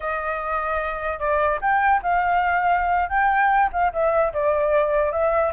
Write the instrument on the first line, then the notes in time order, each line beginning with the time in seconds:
flute
0.00 D#5
1.19 D5
1.61 G5
2.02 F5
3.09 G5
3.72 F5
3.92 E5
4.33 D5
5.12 E5